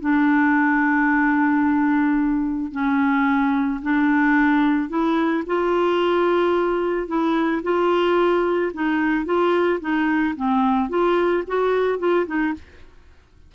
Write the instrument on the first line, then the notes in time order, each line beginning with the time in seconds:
clarinet
0.00 D4
2.71 C#4
3.82 D4
4.89 E4
5.46 F4
7.07 E4
7.63 F4
8.73 D#4
9.25 F4
9.80 D#4
10.36 C4
10.89 F4
11.47 F#4
11.99 F4
12.26 D#4